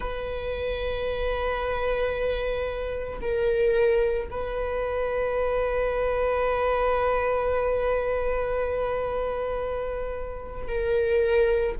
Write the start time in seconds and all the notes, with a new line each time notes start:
0.00 B4
3.21 A#4
4.30 B4
10.68 A#4